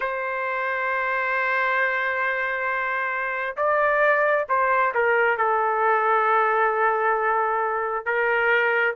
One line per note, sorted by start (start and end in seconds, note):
0.00 3.55 C5
3.57 4.46 D5
4.48 4.93 C5
4.94 5.37 A#4
5.37 8.05 A4
8.05 8.95 A#4